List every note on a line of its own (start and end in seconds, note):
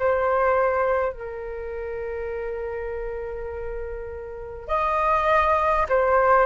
0.00 1.13 C5
1.13 4.68 A#4
4.68 5.87 D#5
5.89 6.46 C5